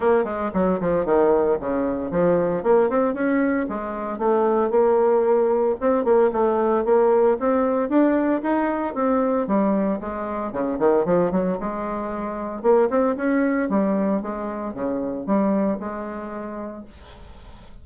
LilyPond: \new Staff \with { instrumentName = "bassoon" } { \time 4/4 \tempo 4 = 114 ais8 gis8 fis8 f8 dis4 cis4 | f4 ais8 c'8 cis'4 gis4 | a4 ais2 c'8 ais8 | a4 ais4 c'4 d'4 |
dis'4 c'4 g4 gis4 | cis8 dis8 f8 fis8 gis2 | ais8 c'8 cis'4 g4 gis4 | cis4 g4 gis2 | }